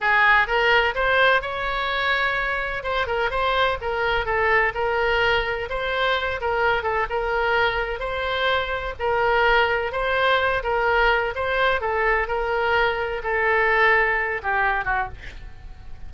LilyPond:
\new Staff \with { instrumentName = "oboe" } { \time 4/4 \tempo 4 = 127 gis'4 ais'4 c''4 cis''4~ | cis''2 c''8 ais'8 c''4 | ais'4 a'4 ais'2 | c''4. ais'4 a'8 ais'4~ |
ais'4 c''2 ais'4~ | ais'4 c''4. ais'4. | c''4 a'4 ais'2 | a'2~ a'8 g'4 fis'8 | }